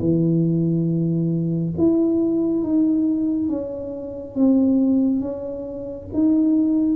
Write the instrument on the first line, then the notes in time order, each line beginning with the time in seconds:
tuba
0.00 E3
1.78 E4
2.63 D#4
3.49 C#4
4.35 C4
5.21 C#4
6.13 D#4